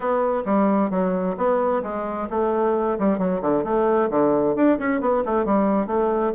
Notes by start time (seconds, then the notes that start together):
0.00 B3
0.45 G3
0.90 F#3
1.37 B3
1.82 G#3
2.30 A3
2.98 G3
3.18 F#3
3.41 D3
3.64 A3
4.10 D3
4.55 D4
4.79 C#4
5.00 B3
5.25 A3
5.45 G3
5.87 A3